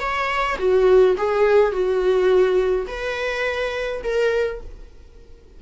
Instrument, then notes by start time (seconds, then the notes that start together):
viola
0.00 C#5
0.59 F#4
1.17 G#4
1.72 F#4
2.88 B4
4.04 A#4